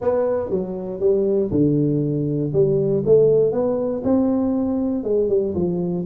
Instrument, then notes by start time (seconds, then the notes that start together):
tuba
0.01 B3
0.50 F#3
1.00 G3
1.51 D3
2.53 G3
3.05 A3
3.52 B3
4.04 C4
5.03 G#3
5.28 G3
5.55 F3